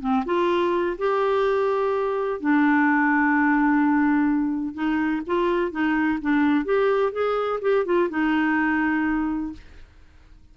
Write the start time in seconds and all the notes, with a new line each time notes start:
0.00 C4
0.25 F4
0.98 G4
2.40 D4
4.74 D#4
5.26 F4
5.71 D#4
6.21 D4
6.65 G4
7.12 G#4
7.61 G4
7.85 F4
8.10 D#4